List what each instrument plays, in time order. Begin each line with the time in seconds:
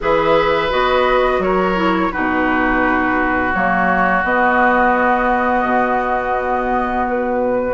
0.00 bassoon E3, clarinet G#4, oboe B4, flute E5
0.70 bassoon B3, clarinet F#4, flute D#5
1.39 bassoon F#3, oboe A#4, flute C#5
1.75 clarinet E4
2.11 bassoon B2, clarinet D#4, oboe F#4, flute B4
3.53 bassoon F#3, clarinet A#3, flute C#5
4.23 bassoon B3, clarinet B3, flute D#5
5.63 bassoon B2
7.08 flute B4